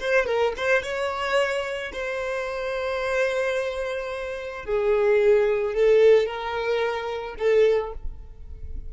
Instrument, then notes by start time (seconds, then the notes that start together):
violin
0.00 C5
0.26 A#4
0.57 C5
0.83 C#5
1.92 C5
4.65 G#4
5.74 A4
6.26 A#4
7.38 A4